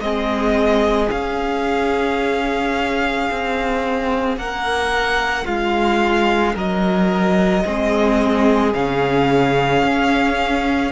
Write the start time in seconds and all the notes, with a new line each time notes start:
0.00 G#3 C4 G#4 D#5
1.08 C#4 F5
3.31 C4
4.37 A#3 A#4 F#5
5.45 G#3 F4 F5
6.55 F#3 A#4 D#5
7.65 G#3 C4 G#4
8.74 C#3 C#4 F5
9.83 C#4